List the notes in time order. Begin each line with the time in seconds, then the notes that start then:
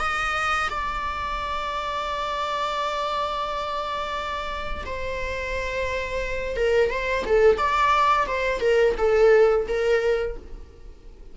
0.00 D#5
0.71 D5
4.86 C5
6.57 A#4
6.91 C5
7.27 A4
7.58 D5
8.28 C5
8.61 A#4
8.98 A4
9.68 A#4